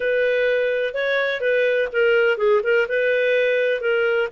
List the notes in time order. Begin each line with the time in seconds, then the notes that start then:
0.00 B4
0.94 C#5
1.40 B4
1.92 A#4
2.37 G#4
2.63 A#4
2.88 B4
3.81 A#4